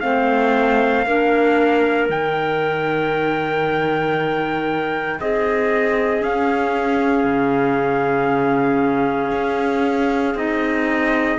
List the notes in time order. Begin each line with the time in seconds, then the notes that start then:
0.00 A3 C4 C5 F5
1.06 A#3 D4 A#4
2.09 D#3 D#4 G5
5.20 C4 G#4 D#5
6.21 C#4 F5
7.24 C#3
9.31 C#4
10.34 C4 D#4 D#5